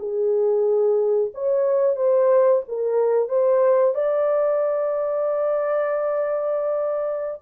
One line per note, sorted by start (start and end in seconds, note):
0.00 1.32 G#4
1.35 1.97 C#5
1.97 2.63 C5
2.69 3.29 A#4
3.29 3.95 C5
3.95 7.41 D5